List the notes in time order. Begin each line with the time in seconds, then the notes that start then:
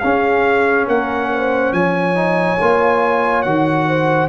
0.00 C#4 G#4 F5
0.87 A#3 A#4 F#5
1.32 C5
1.73 F3 C#5 G#5
2.15 D#4
2.60 A#3 F4
3.42 D#3 F#4 F#5
3.88 C5